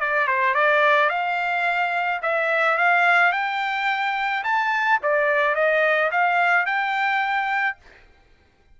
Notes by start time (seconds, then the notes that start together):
0.00 D5
0.27 C5
0.54 D5
1.09 F5
2.22 E5
2.78 F5
3.32 G5
4.44 A5
5.02 D5
5.55 D#5
6.11 F5
6.66 G5